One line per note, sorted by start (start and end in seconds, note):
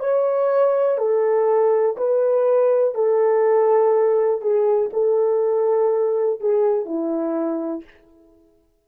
0.00 0.98 C#5
0.98 1.97 A4
1.97 2.95 B4
2.95 4.42 A4
4.42 4.91 G#4
4.93 6.41 A4
6.41 6.86 G#4
6.86 7.84 E4